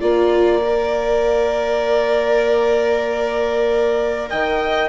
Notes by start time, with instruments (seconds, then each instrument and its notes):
0.00 bassoon A#3, viola F4, violin D5, trumpet F5
0.63 viola A#4
4.29 bassoon D#3, violin D#5, trumpet G5